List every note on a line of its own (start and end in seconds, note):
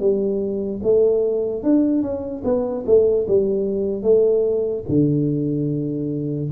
0.00 0.81 G3
0.83 1.63 A3
1.63 2.02 D4
2.02 2.43 C#4
2.44 2.85 B3
2.86 3.27 A3
3.28 4.03 G3
4.03 4.84 A3
4.89 6.51 D3